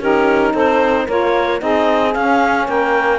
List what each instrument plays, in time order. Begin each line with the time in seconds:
0.00 cello C#4, saxophone D#4 G4, clarinet A#4
0.53 cello C4, saxophone A4, clarinet C5
1.05 cello A#3, saxophone F4 A#4, clarinet C#5
1.59 cello C4, saxophone D#4 G#4, clarinet D#5
2.14 cello C#4, saxophone C#4, clarinet F5
2.67 cello A#3, saxophone A#4, clarinet G5